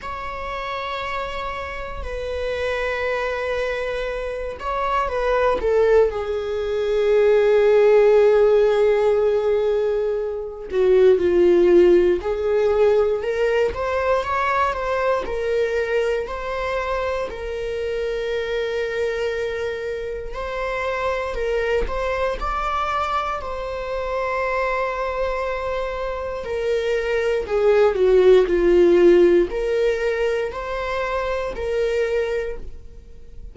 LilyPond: \new Staff \with { instrumentName = "viola" } { \time 4/4 \tempo 4 = 59 cis''2 b'2~ | b'8 cis''8 b'8 a'8 gis'2~ | gis'2~ gis'8 fis'8 f'4 | gis'4 ais'8 c''8 cis''8 c''8 ais'4 |
c''4 ais'2. | c''4 ais'8 c''8 d''4 c''4~ | c''2 ais'4 gis'8 fis'8 | f'4 ais'4 c''4 ais'4 | }